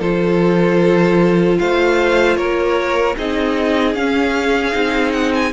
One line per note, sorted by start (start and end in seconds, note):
0.00 1.58 F3
0.00 3.16 F4
0.00 1.58 A4
0.00 1.59 C5
1.59 2.37 A3
1.59 2.37 C5
1.59 2.37 F5
2.37 3.16 A#3
2.37 3.16 A#4
2.37 3.16 C#5
3.17 3.94 C4
3.17 3.96 D#4
3.17 5.53 G#4
3.17 3.95 D#5
3.94 4.73 C#4
3.94 4.72 C#4
3.94 5.12 F5
4.72 5.53 C4
4.72 5.51 D#4
5.12 5.32 F#5
5.35 5.53 G#5